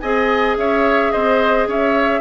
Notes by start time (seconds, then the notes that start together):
0.00 C4 G#4 D#5 G#5
0.57 C#4 C#5 E5
1.12 C4 C5 D#5
1.67 C#4 C#5 E5